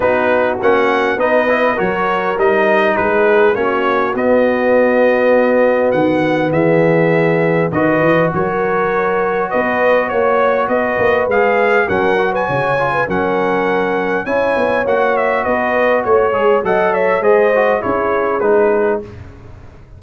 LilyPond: <<
  \new Staff \with { instrumentName = "trumpet" } { \time 4/4 \tempo 4 = 101 b'4 fis''4 dis''4 cis''4 | dis''4 b'4 cis''4 dis''4~ | dis''2 fis''4 e''4~ | e''4 dis''4 cis''2 |
dis''4 cis''4 dis''4 f''4 | fis''8. gis''4~ gis''16 fis''2 | gis''4 fis''8 e''8 dis''4 cis''4 | fis''8 e''8 dis''4 cis''4 b'4 | }
  \new Staff \with { instrumentName = "horn" } { \time 4/4 fis'2 b'4 ais'4~ | ais'4 gis'4 fis'2~ | fis'2. gis'4~ | gis'4 b'4 ais'2 |
b'4 cis''4 b'2 | ais'8. b'16 cis''8. b'16 ais'2 | cis''2 b'4 cis''4 | dis''8 cis''8 c''4 gis'2 | }
  \new Staff \with { instrumentName = "trombone" } { \time 4/4 dis'4 cis'4 dis'8 e'8 fis'4 | dis'2 cis'4 b4~ | b1~ | b4 fis'2.~ |
fis'2. gis'4 | cis'8 fis'4 f'8 cis'2 | e'4 fis'2~ fis'8 gis'8 | a'4 gis'8 fis'8 e'4 dis'4 | }
  \new Staff \with { instrumentName = "tuba" } { \time 4/4 b4 ais4 b4 fis4 | g4 gis4 ais4 b4~ | b2 dis4 e4~ | e4 dis8 e8 fis2 |
b4 ais4 b8 ais8 gis4 | fis4 cis4 fis2 | cis'8 b8 ais4 b4 a8 gis8 | fis4 gis4 cis'4 gis4 | }
>>